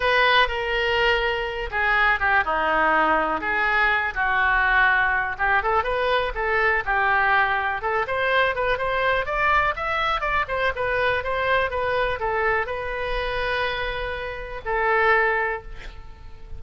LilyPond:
\new Staff \with { instrumentName = "oboe" } { \time 4/4 \tempo 4 = 123 b'4 ais'2~ ais'8 gis'8~ | gis'8 g'8 dis'2 gis'4~ | gis'8 fis'2~ fis'8 g'8 a'8 | b'4 a'4 g'2 |
a'8 c''4 b'8 c''4 d''4 | e''4 d''8 c''8 b'4 c''4 | b'4 a'4 b'2~ | b'2 a'2 | }